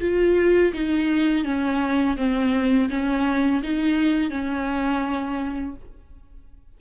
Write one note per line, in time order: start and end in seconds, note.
0.00 0.72 F4
0.73 1.44 D#4
1.44 2.17 C#4
2.17 2.89 C4
2.89 3.62 C#4
3.63 4.30 D#4
4.30 5.75 C#4